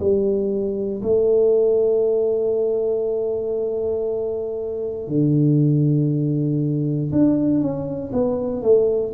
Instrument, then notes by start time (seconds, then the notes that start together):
tuba
0.00 G3
1.03 A3
5.08 D3
7.12 D4
7.61 C#4
8.13 B3
8.62 A3